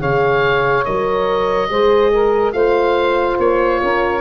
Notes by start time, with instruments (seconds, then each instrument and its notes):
0.00 tuba C#3, horn G#4, saxophone C#5, oboe F5
0.85 tuba F#3, horn A#4, oboe D#5
1.70 tuba G#3, horn G#4, saxophone C5
2.12 saxophone A#4
2.53 tuba A3, horn F4, saxophone C5, oboe F5
3.39 tuba A#3, oboe C#5
3.82 tuba C#4, saxophone A#4